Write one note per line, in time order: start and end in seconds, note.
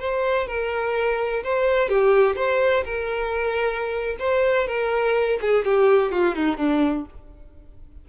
0.00 0.48 C5
0.48 1.44 A#4
1.44 1.89 C5
1.89 2.37 G4
2.37 2.85 C5
2.85 4.17 A#4
4.20 4.68 C5
4.68 5.40 A#4
5.42 5.65 G#4
5.65 6.12 G4
6.12 6.36 F4
6.36 6.58 D#4
6.58 7.06 D4